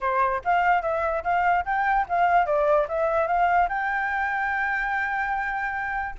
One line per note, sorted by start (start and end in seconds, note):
0.00 0.41 C5
0.44 0.81 F5
0.81 1.23 E5
1.23 1.64 F5
1.65 2.06 G5
2.08 2.46 F5
2.46 2.87 D5
2.88 3.27 E5
3.27 3.68 F5
3.68 6.15 G5